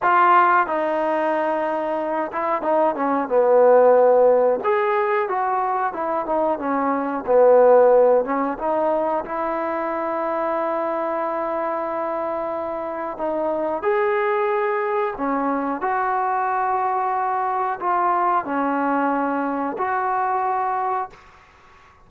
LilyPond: \new Staff \with { instrumentName = "trombone" } { \time 4/4 \tempo 4 = 91 f'4 dis'2~ dis'8 e'8 | dis'8 cis'8 b2 gis'4 | fis'4 e'8 dis'8 cis'4 b4~ | b8 cis'8 dis'4 e'2~ |
e'1 | dis'4 gis'2 cis'4 | fis'2. f'4 | cis'2 fis'2 | }